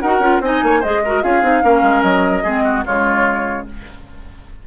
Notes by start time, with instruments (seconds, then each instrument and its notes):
0.00 bassoon D#4, clarinet F#4, oboe A#4, flute F#5
0.19 bassoon C#4, clarinet F4
0.40 bassoon C4, clarinet D#4, oboe D#5, flute G#5
0.63 bassoon A#3, oboe C#5
0.80 bassoon G#3, clarinet G#4, oboe C5, flute D#5
1.04 clarinet F#4, oboe A#4
1.22 bassoon C#4, clarinet F4, oboe G#4, flute F5
1.42 bassoon C4, clarinet D#4
1.62 bassoon A#3, clarinet C#4, oboe A#4
1.82 bassoon G#3
2.02 bassoon F#3, flute D#5
2.43 bassoon G#3, clarinet C4, oboe G#4
2.64 oboe F#4
2.85 bassoon C#3, clarinet G#3, oboe F4, flute C#5